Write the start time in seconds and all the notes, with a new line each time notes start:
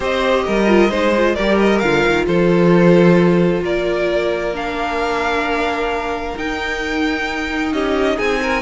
0.00 C4 G4 C5 D#5
0.46 G3 A#4
0.67 F4
0.89 G#3 D#4 C5
1.16 F4
1.35 G3 G4 A#4 D5
1.59 D#5
1.79 D3 F4 F5
2.07 D#3
2.27 F3 A4 C5
3.61 A#3 A#4 D5
4.53 D4 F5
6.36 D#4 G5
7.72 C#4 G4 D#5
8.17 C4 G#4 G#5
8.42 A#4